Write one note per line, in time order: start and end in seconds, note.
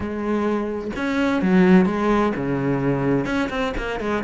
0.00 0.90 G#3
0.96 1.41 C#4
1.41 1.85 F#3
1.85 2.32 G#3
2.36 3.25 C#3
3.25 3.49 C#4
3.49 3.73 C4
3.77 4.00 A#3
4.00 4.23 G#3